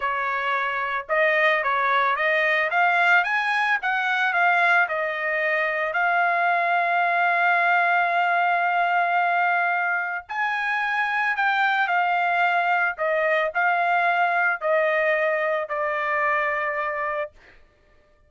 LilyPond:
\new Staff \with { instrumentName = "trumpet" } { \time 4/4 \tempo 4 = 111 cis''2 dis''4 cis''4 | dis''4 f''4 gis''4 fis''4 | f''4 dis''2 f''4~ | f''1~ |
f''2. gis''4~ | gis''4 g''4 f''2 | dis''4 f''2 dis''4~ | dis''4 d''2. | }